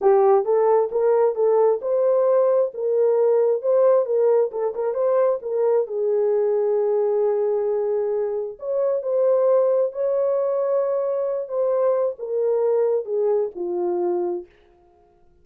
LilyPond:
\new Staff \with { instrumentName = "horn" } { \time 4/4 \tempo 4 = 133 g'4 a'4 ais'4 a'4 | c''2 ais'2 | c''4 ais'4 a'8 ais'8 c''4 | ais'4 gis'2.~ |
gis'2. cis''4 | c''2 cis''2~ | cis''4. c''4. ais'4~ | ais'4 gis'4 f'2 | }